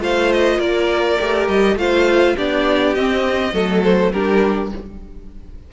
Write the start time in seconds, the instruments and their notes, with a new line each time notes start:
0.00 cello A3, viola F4, violin C5 F5
0.32 violin D#5
0.59 cello A#3, violin A#4 D5
1.20 cello A3, viola G4
1.49 cello G3, violin D#5
1.76 cello A3, viola F4, violin C5 F5
2.36 cello B3, viola D4, violin G4 D5
2.94 cello C4, viola C4, violin D#5
3.53 cello F#3, viola A3, violin A4
3.84 violin C5
4.13 cello G3, viola D4, violin G4 A#4